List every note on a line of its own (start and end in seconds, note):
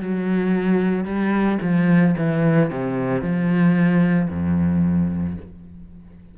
0.00 1.05 F#3
1.05 1.58 G3
1.62 2.15 F3
2.17 2.70 E3
2.70 3.21 C3
3.21 4.29 F3
4.30 5.37 F2